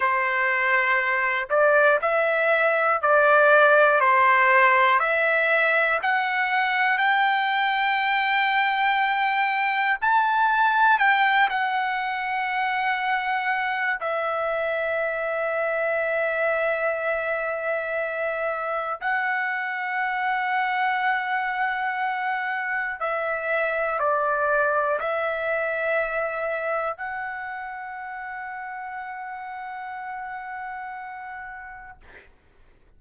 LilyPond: \new Staff \with { instrumentName = "trumpet" } { \time 4/4 \tempo 4 = 60 c''4. d''8 e''4 d''4 | c''4 e''4 fis''4 g''4~ | g''2 a''4 g''8 fis''8~ | fis''2 e''2~ |
e''2. fis''4~ | fis''2. e''4 | d''4 e''2 fis''4~ | fis''1 | }